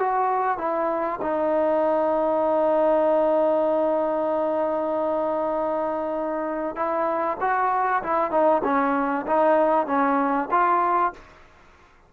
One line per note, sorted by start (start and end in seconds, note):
0.00 0.58 F#4
0.58 1.20 E4
1.22 6.76 D#4
6.76 7.38 E4
7.41 8.03 F#4
8.03 8.31 E4
8.31 8.62 D#4
8.64 9.26 C#4
9.27 9.87 D#4
9.87 10.49 C#4
10.51 11.13 F4